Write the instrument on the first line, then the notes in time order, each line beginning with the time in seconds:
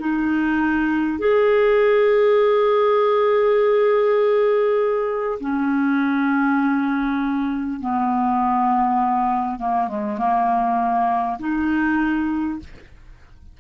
clarinet
0.00 D#4
1.19 G#4
5.41 C#4
7.81 B3
9.59 A#3
9.88 G#3
10.18 A#3
11.39 D#4